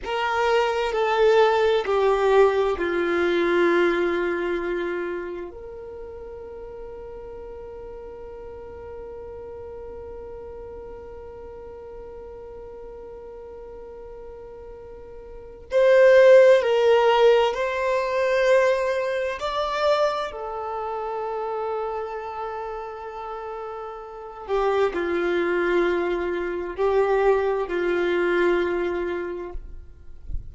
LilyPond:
\new Staff \with { instrumentName = "violin" } { \time 4/4 \tempo 4 = 65 ais'4 a'4 g'4 f'4~ | f'2 ais'2~ | ais'1~ | ais'1~ |
ais'4 c''4 ais'4 c''4~ | c''4 d''4 a'2~ | a'2~ a'8 g'8 f'4~ | f'4 g'4 f'2 | }